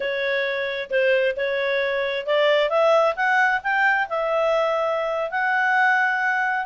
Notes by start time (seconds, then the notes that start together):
0.00 C#5
0.90 C5
1.36 C#5
2.26 D5
2.69 E5
3.16 F#5
3.63 G5
4.09 E5
5.30 F#5